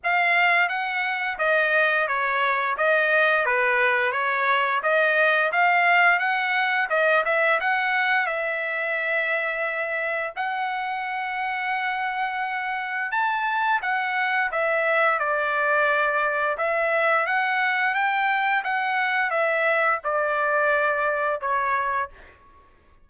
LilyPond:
\new Staff \with { instrumentName = "trumpet" } { \time 4/4 \tempo 4 = 87 f''4 fis''4 dis''4 cis''4 | dis''4 b'4 cis''4 dis''4 | f''4 fis''4 dis''8 e''8 fis''4 | e''2. fis''4~ |
fis''2. a''4 | fis''4 e''4 d''2 | e''4 fis''4 g''4 fis''4 | e''4 d''2 cis''4 | }